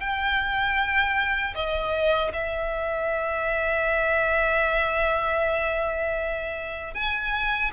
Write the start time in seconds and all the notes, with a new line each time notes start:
0.00 G5
1.55 D#5
2.33 E5
6.94 G#5